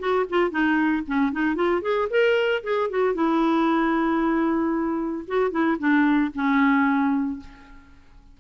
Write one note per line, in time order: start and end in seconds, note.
0.00 0.26 F#4
0.30 0.51 F4
0.51 1.04 D#4
1.08 1.33 C#4
1.33 1.56 D#4
1.56 1.82 F4
1.82 2.08 G#4
2.11 2.63 A#4
2.64 2.90 G#4
2.90 3.15 F#4
3.15 5.25 E4
5.28 5.51 F#4
5.51 5.78 E4
5.79 6.32 D4
6.35 7.40 C#4